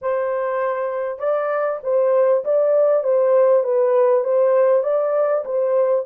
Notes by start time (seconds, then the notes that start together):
0.01 C5
1.18 D5
1.83 C5
2.44 D5
3.03 C5
3.63 B4
4.24 C5
4.83 D5
5.45 C5